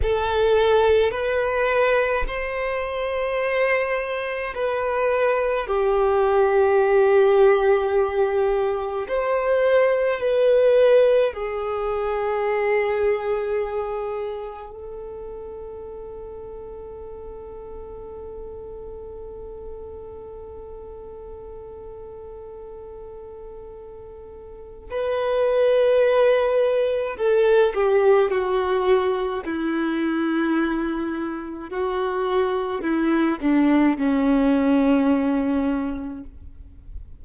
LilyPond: \new Staff \with { instrumentName = "violin" } { \time 4/4 \tempo 4 = 53 a'4 b'4 c''2 | b'4 g'2. | c''4 b'4 gis'2~ | gis'4 a'2.~ |
a'1~ | a'2 b'2 | a'8 g'8 fis'4 e'2 | fis'4 e'8 d'8 cis'2 | }